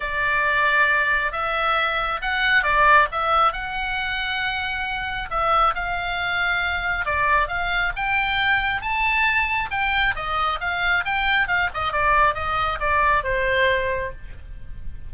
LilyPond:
\new Staff \with { instrumentName = "oboe" } { \time 4/4 \tempo 4 = 136 d''2. e''4~ | e''4 fis''4 d''4 e''4 | fis''1 | e''4 f''2. |
d''4 f''4 g''2 | a''2 g''4 dis''4 | f''4 g''4 f''8 dis''8 d''4 | dis''4 d''4 c''2 | }